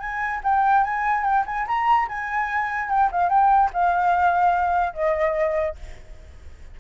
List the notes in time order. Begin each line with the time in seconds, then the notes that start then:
0.00 G#5
0.44 G5
0.84 G#5
1.24 G5
1.46 G#5
1.67 A#5
2.08 G#5
2.90 G5
3.12 F5
3.30 G5
3.73 F5
4.94 D#5